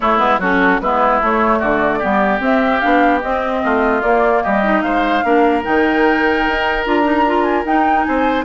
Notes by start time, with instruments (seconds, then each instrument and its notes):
0.00 clarinet A3, bassoon A3, oboe E4, flute C#5
0.18 bassoon G#3, clarinet B3, flute B4
0.38 bassoon F#3, clarinet C#4, oboe F#4, flute A4
0.80 bassoon G#3, clarinet B3, oboe E4, flute B4
1.21 bassoon A3, clarinet A3, flute C#5
1.58 bassoon D3, oboe F#4, flute D5
1.99 bassoon G3, clarinet B3, oboe G4
2.40 bassoon C4, clarinet C4, flute E5
2.79 bassoon B3, clarinet D4, flute F5
3.21 bassoon C4, clarinet C4, flute D#5
3.63 bassoon A3, oboe F4
4.02 bassoon A#3, clarinet A#3, flute D5
4.42 bassoon G3, oboe G4, flute D#5
4.63 clarinet D#4
4.81 bassoon G#3, oboe C5, flute F5
5.23 bassoon A#3, clarinet D4, oboe A#4
5.63 bassoon D#3, clarinet D#4, flute G5
6.48 bassoon D#4
6.84 bassoon D4, clarinet F4, flute A#5
7.03 clarinet D#4
7.26 clarinet F4
7.43 flute G#5
7.65 bassoon D#4, clarinet D#4, flute G5
8.03 bassoon C4, oboe C5, flute G#5